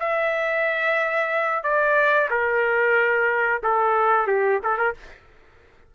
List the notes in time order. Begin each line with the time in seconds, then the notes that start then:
0.00 E5
1.64 D5
2.30 A#4
3.63 A4
4.27 G4
4.63 A4
4.78 A#4